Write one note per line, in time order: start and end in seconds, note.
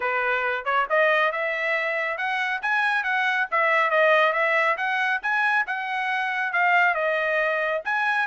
0.00 0.64 B4
0.64 0.86 C#5
0.89 1.32 D#5
1.32 2.17 E5
2.17 2.60 F#5
2.62 3.03 G#5
3.03 3.47 F#5
3.51 3.90 E5
3.90 4.32 D#5
4.32 4.76 E5
4.77 5.20 F#5
5.22 5.65 G#5
5.67 6.52 F#5
6.52 6.94 F5
6.94 7.81 D#5
7.84 8.27 G#5